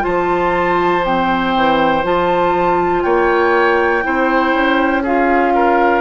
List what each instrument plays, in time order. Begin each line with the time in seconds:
0.00 clarinet F4, oboe C5, flute A5
0.06 bassoon F3
1.05 clarinet C4, flute G5
1.56 bassoon E3
2.03 bassoon F3, clarinet F4, flute A5
3.03 bassoon A#3, oboe C#5, flute G5
4.03 bassoon C4, clarinet E4, oboe C5
4.54 bassoon C#4
5.03 clarinet F4, oboe G#4, flute F5
5.55 oboe A#4